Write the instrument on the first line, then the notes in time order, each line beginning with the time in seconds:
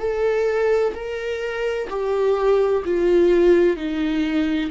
viola
0.00 A4
0.95 A#4
1.90 G4
2.85 F4
3.77 D#4